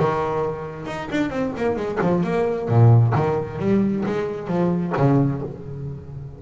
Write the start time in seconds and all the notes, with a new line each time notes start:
0.00 D#3
0.87 D#4
1.12 D4
1.30 C4
1.58 A#3
1.77 G#3
2.02 F3
2.24 A#3
2.69 A#2
3.15 D#3
3.59 G3
4.06 G#3
4.48 F3
4.97 C#3